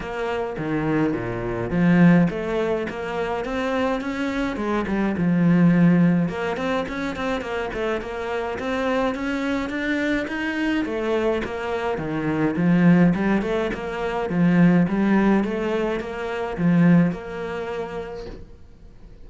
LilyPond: \new Staff \with { instrumentName = "cello" } { \time 4/4 \tempo 4 = 105 ais4 dis4 ais,4 f4 | a4 ais4 c'4 cis'4 | gis8 g8 f2 ais8 c'8 | cis'8 c'8 ais8 a8 ais4 c'4 |
cis'4 d'4 dis'4 a4 | ais4 dis4 f4 g8 a8 | ais4 f4 g4 a4 | ais4 f4 ais2 | }